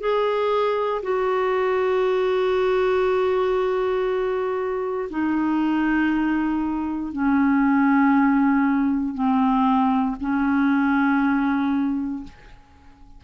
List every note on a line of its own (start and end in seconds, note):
0.00 1.02 G#4
1.02 5.09 F#4
5.10 7.12 D#4
7.12 9.14 C#4
9.14 10.16 C4
10.20 12.23 C#4